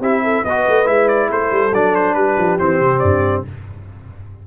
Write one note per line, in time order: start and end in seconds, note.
0.00 0.43 C4
0.00 0.45 E4
0.00 0.21 G4
0.00 0.45 E5
0.23 0.44 A4
0.44 0.66 B3
0.44 0.85 F#4
0.44 1.29 B4
0.44 0.87 D#5
0.68 0.87 A3
0.85 1.30 G#3
0.85 1.71 E4
0.85 1.08 E5
1.08 1.30 D5
1.30 1.51 A3
1.30 2.17 A4
1.30 1.74 C5
1.51 1.72 G3
1.73 2.15 F#3
1.73 2.60 D4
1.73 1.95 D5
1.95 2.14 C5
2.14 2.37 G3
2.14 3.47 G4
2.14 2.57 B4
2.38 2.59 F3
2.59 2.80 E3
2.59 3.45 C4
2.59 2.99 C5
2.80 3.02 C3
2.99 3.45 G2
2.99 3.42 D5